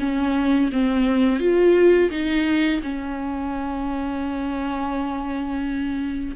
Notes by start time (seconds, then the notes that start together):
0.00 C#4
0.72 C4
1.40 F4
2.11 D#4
2.83 C#4